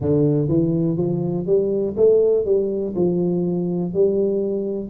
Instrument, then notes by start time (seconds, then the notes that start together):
tuba
0.00 D3
0.48 E3
0.97 F3
1.46 G3
1.97 A3
2.45 G3
2.95 F3
3.93 G3